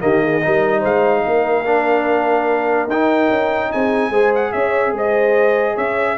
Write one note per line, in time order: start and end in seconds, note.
0.00 0.44 D#3
0.00 0.41 A#3
0.00 0.23 G4
0.00 0.83 D#5
0.23 0.43 G#4
0.41 0.84 G3
0.41 1.65 D#4
0.41 0.79 A#4
0.79 1.25 G#3
0.79 1.20 C5
0.79 2.90 F5
1.25 2.87 A#3
1.25 3.71 A#4
1.65 2.89 D4
2.87 3.29 D#4
2.87 4.12 D#4
2.87 3.72 G5
3.29 3.70 C#4
3.72 4.10 C4
3.72 4.11 G#4
3.72 4.33 G#5
4.10 4.51 G#3
4.10 6.18 G#4
4.10 4.52 C5
4.35 4.52 F#5
4.52 4.92 C#4
4.52 4.94 C#5
4.52 4.93 E5
4.92 5.74 G#3
4.92 5.74 C5
4.92 5.77 D#5
5.74 6.18 C#4
5.74 6.15 C#5
5.74 6.18 E5